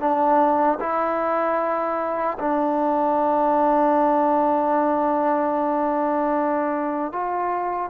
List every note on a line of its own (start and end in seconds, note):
0.00 0.79 D4
0.80 2.38 E4
2.39 7.12 D4
7.12 7.90 F4